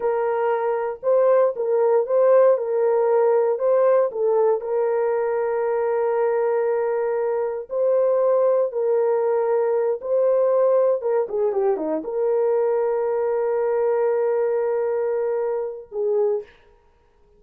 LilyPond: \new Staff \with { instrumentName = "horn" } { \time 4/4 \tempo 4 = 117 ais'2 c''4 ais'4 | c''4 ais'2 c''4 | a'4 ais'2.~ | ais'2. c''4~ |
c''4 ais'2~ ais'8 c''8~ | c''4. ais'8 gis'8 g'8 dis'8 ais'8~ | ais'1~ | ais'2. gis'4 | }